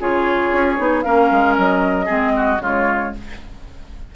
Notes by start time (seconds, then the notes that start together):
0.00 C#3 F4 G#4 C#5
0.53 C#4
0.77 B3 D#4
1.02 A#3 C#4 A#4 F5
1.31 G#3
1.58 F#3 D#5
2.06 G#3 C4 G#4
2.37 F#4
2.59 C#3 G#3 F4 C#5